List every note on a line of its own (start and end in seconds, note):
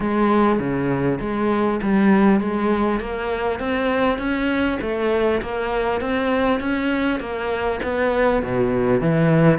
0.00 0.59 G#3
0.59 1.19 C#3
1.20 1.80 G#3
1.82 2.40 G3
2.40 3.00 G#3
3.00 3.59 A#3
3.59 4.18 C4
4.18 4.78 C#4
4.81 5.41 A3
5.41 6.01 A#3
6.01 6.59 C4
6.59 7.19 C#4
7.19 7.79 A#3
7.83 8.42 B3
8.42 9.00 B2
9.00 9.58 E3